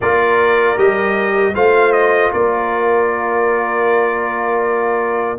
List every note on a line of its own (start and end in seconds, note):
0.01 0.77 A#3
0.01 0.77 F4
0.01 1.54 A#4
0.01 0.78 D5
0.77 1.54 G3
0.77 1.54 G4
0.77 1.54 D#5
1.54 2.32 A3
1.54 5.38 F4
1.54 2.30 C5
1.54 1.92 F5
1.92 2.31 D#5
2.31 5.38 A#3
2.31 5.38 A#4
2.31 5.38 D5